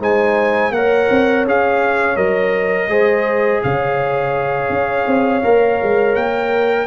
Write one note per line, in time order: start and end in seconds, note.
0.00 0.71 G#3
0.00 0.73 D#4
0.00 0.73 C5
0.00 0.73 G#5
0.71 1.07 A#3
0.71 1.48 A#4
0.71 2.91 C#5
0.71 1.45 F#5
1.11 1.46 C4
1.46 2.17 C#4
1.46 2.16 G#4
1.46 2.17 F5
2.16 2.88 F#3
2.16 2.88 A#4
2.16 3.62 D#5
2.88 3.61 G#3
2.88 5.43 G#4
2.88 3.63 C5
3.64 4.70 C#3
3.64 6.88 C#5
3.64 6.16 F5
4.70 5.06 C#4
5.07 5.44 C4
5.43 5.81 A#3
5.43 6.88 A#4
5.83 6.16 G#3
6.16 6.88 A#3
6.16 6.88 G5